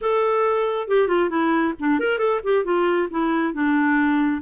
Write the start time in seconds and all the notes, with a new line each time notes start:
0.01 A4
0.87 G4
1.08 F4
1.29 E4
1.79 D4
1.99 A#4
2.18 A4
2.43 G4
2.64 F4
3.10 E4
3.53 D4